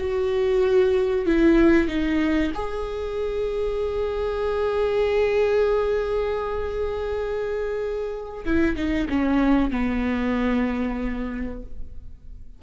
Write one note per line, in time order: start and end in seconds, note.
0.00 1.26 F#4
1.26 1.89 E4
1.89 2.52 D#4
2.55 8.45 G#4
8.46 8.76 E4
8.76 9.08 D#4
9.10 9.71 C#4
9.71 11.63 B3